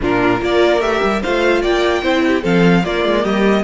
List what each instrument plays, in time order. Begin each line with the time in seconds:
0.00 cello A#2, viola D4, violin F4 A#4
0.39 cello A#3, viola F4, violin A#4 D5
0.80 cello A3, viola G4, violin E5
1.03 cello G3
1.21 cello A3, viola F4, violin C5 F5
1.61 cello A#3, violin D5 G5
2.02 cello C4, viola E4, violin C5
2.27 violin G4
2.41 cello F3, viola C4, violin A4 F5
2.84 cello A#3, viola A#3, violin F4 D5
3.04 cello G#3
3.23 cello G3, violin G4 D#5